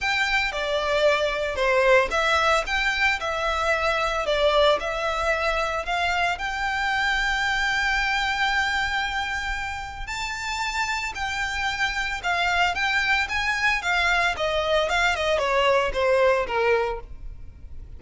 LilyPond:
\new Staff \with { instrumentName = "violin" } { \time 4/4 \tempo 4 = 113 g''4 d''2 c''4 | e''4 g''4 e''2 | d''4 e''2 f''4 | g''1~ |
g''2. a''4~ | a''4 g''2 f''4 | g''4 gis''4 f''4 dis''4 | f''8 dis''8 cis''4 c''4 ais'4 | }